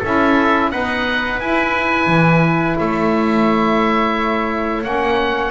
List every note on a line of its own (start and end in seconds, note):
0.00 0.72 C#4
0.00 0.72 E4
0.00 0.69 A4
0.00 0.71 E5
0.71 1.41 B3
0.71 1.41 D#4
0.71 2.80 B4
0.71 1.40 F#5
1.41 2.07 E4
1.41 4.83 E4
1.41 2.78 G#5
2.07 2.76 E3
2.79 4.85 A3
2.79 5.52 C#5
2.79 4.84 E5
4.83 5.52 A#3
4.83 5.52 C#4
4.83 5.52 F#5